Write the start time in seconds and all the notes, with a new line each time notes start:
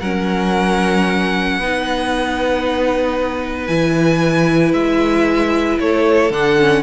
0.00 F#3 C#4 A#4 F#5
1.59 B3 D#4 B4
3.67 E3 E4 G#5
4.74 G#3 E5
5.80 A3 A4 C#5
6.31 D3 D4 F#5
6.60 C#4